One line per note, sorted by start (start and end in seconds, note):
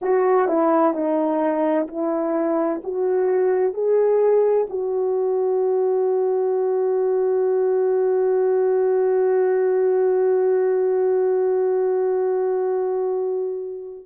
0.01 0.47 F#4
0.47 0.93 E4
0.93 1.87 D#4
1.87 2.81 E4
2.83 3.73 F#4
3.73 4.67 G#4
4.69 14.05 F#4